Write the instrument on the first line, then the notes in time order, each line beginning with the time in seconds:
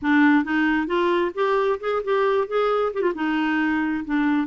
clarinet
0.01 D4
0.44 D#4
0.86 F4
1.34 G4
1.80 G#4
2.04 G4
2.47 G#4
2.93 G4
3.01 F4
3.14 D#4
4.04 D4